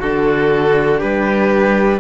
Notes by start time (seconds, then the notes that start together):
0.00 D3 D4 F#4 A4
0.99 G3 G4 B4